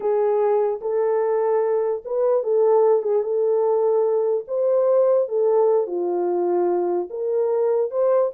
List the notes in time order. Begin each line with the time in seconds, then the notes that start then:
0.00 G#4
0.81 A4
2.04 B4
2.43 A4
3.02 G#4
3.22 A4
4.47 C5
5.28 A4
5.86 F4
7.10 A#4
7.91 C5